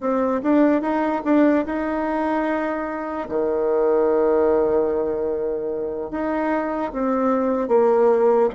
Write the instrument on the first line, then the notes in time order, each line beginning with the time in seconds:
bassoon
0.00 C4
0.42 D4
0.81 D#4
1.24 D4
1.65 D#4
3.28 D#3
6.10 D#4
6.92 C4
7.68 A#3